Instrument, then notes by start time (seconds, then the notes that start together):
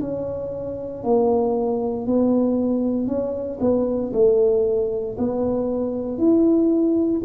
tuba
0.00 C#4
1.03 A#3
2.06 B3
3.07 C#4
3.60 B3
4.13 A3
5.18 B3
6.17 E4